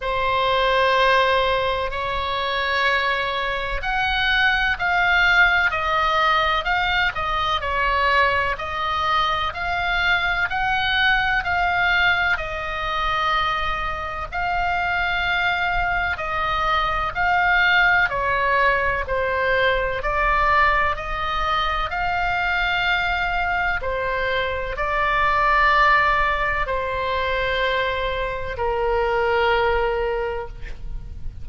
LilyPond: \new Staff \with { instrumentName = "oboe" } { \time 4/4 \tempo 4 = 63 c''2 cis''2 | fis''4 f''4 dis''4 f''8 dis''8 | cis''4 dis''4 f''4 fis''4 | f''4 dis''2 f''4~ |
f''4 dis''4 f''4 cis''4 | c''4 d''4 dis''4 f''4~ | f''4 c''4 d''2 | c''2 ais'2 | }